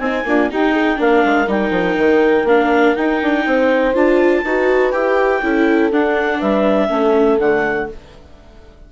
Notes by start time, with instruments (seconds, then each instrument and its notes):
0.00 bassoon C4, viola C4, horn D#4, clarinet G#5
0.25 viola A#3, bassoon D4, horn F4
0.51 viola D#4, bassoon D#4, horn G4, clarinet G5
0.72 horn G#4
0.96 bassoon A#3, viola D4, horn A#4, clarinet F5
1.25 bassoon G#3
1.48 bassoon G3, viola D#4, clarinet G5
1.71 bassoon F3
1.98 bassoon D#3
2.44 bassoon A#3, viola D4, clarinet F5
2.96 viola D#4, bassoon D#4, clarinet G5
3.22 bassoon D4
3.46 bassoon C4, horn C5
3.94 bassoon D4, viola F4, clarinet A5
4.44 bassoon D#4, viola F#4, horn B4
4.91 bassoon E4, viola G4, clarinet G5
5.43 bassoon C#4, viola E4, horn A4
5.91 bassoon D4, viola D4, clarinet F#5
6.39 bassoon G3, horn B4, clarinet E5
6.89 bassoon A3, viola C#4, horn A4
7.39 bassoon D3, viola A3, clarinet F#5